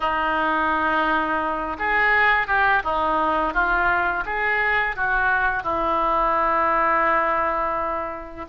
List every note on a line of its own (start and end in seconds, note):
0.00 1.76 D#4
1.78 2.47 G#4
2.47 2.82 G4
2.84 3.53 D#4
3.53 4.24 F4
4.25 4.96 G#4
4.96 5.63 F#4
5.63 8.45 E4